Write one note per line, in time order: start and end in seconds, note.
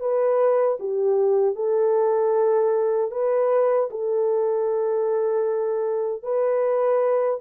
0.00 0.78 B4
0.80 1.55 G4
1.55 3.11 A4
3.11 3.89 B4
3.91 6.23 A4
6.23 7.40 B4